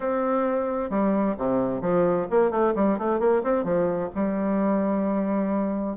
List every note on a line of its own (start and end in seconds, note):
0.00 0.89 C4
0.89 1.35 G3
1.37 1.81 C3
1.81 2.27 F3
2.30 2.50 A#3
2.50 2.73 A3
2.75 2.98 G3
2.98 3.19 A3
3.19 3.42 A#3
3.43 3.63 C4
3.63 4.09 F3
4.15 5.97 G3